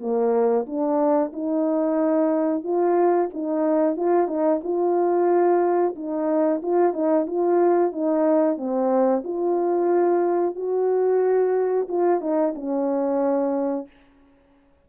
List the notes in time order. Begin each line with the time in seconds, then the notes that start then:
0.00 A#3
0.66 D4
1.32 D#4
2.63 F4
3.33 D#4
3.97 F4
4.28 D#4
4.63 F4
5.96 D#4
6.62 F4
6.93 D#4
7.26 F4
7.92 D#4
8.57 C4
9.24 F4
10.56 F#4
11.88 F4
12.21 D#4
12.55 C#4